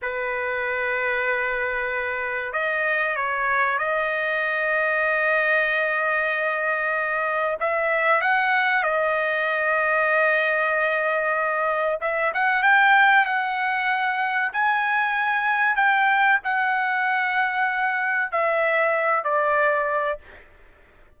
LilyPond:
\new Staff \with { instrumentName = "trumpet" } { \time 4/4 \tempo 4 = 95 b'1 | dis''4 cis''4 dis''2~ | dis''1 | e''4 fis''4 dis''2~ |
dis''2. e''8 fis''8 | g''4 fis''2 gis''4~ | gis''4 g''4 fis''2~ | fis''4 e''4. d''4. | }